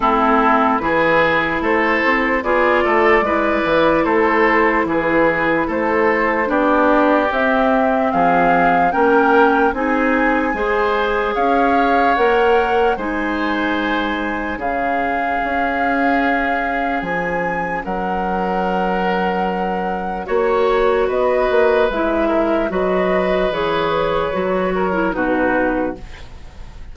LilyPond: <<
  \new Staff \with { instrumentName = "flute" } { \time 4/4 \tempo 4 = 74 a'4 b'4 c''4 d''4~ | d''4 c''4 b'4 c''4 | d''4 e''4 f''4 g''4 | gis''2 f''4 fis''4 |
gis''2 f''2~ | f''4 gis''4 fis''2~ | fis''4 cis''4 dis''4 e''4 | dis''4 cis''2 b'4 | }
  \new Staff \with { instrumentName = "oboe" } { \time 4/4 e'4 gis'4 a'4 gis'8 a'8 | b'4 a'4 gis'4 a'4 | g'2 gis'4 ais'4 | gis'4 c''4 cis''2 |
c''2 gis'2~ | gis'2 ais'2~ | ais'4 cis''4 b'4. ais'8 | b'2~ b'8 ais'8 fis'4 | }
  \new Staff \with { instrumentName = "clarinet" } { \time 4/4 c'4 e'2 f'4 | e'1 | d'4 c'2 cis'4 | dis'4 gis'2 ais'4 |
dis'2 cis'2~ | cis'1~ | cis'4 fis'2 e'4 | fis'4 gis'4 fis'8. e'16 dis'4 | }
  \new Staff \with { instrumentName = "bassoon" } { \time 4/4 a4 e4 a8 c'8 b8 a8 | gis8 e8 a4 e4 a4 | b4 c'4 f4 ais4 | c'4 gis4 cis'4 ais4 |
gis2 cis4 cis'4~ | cis'4 f4 fis2~ | fis4 ais4 b8 ais8 gis4 | fis4 e4 fis4 b,4 | }
>>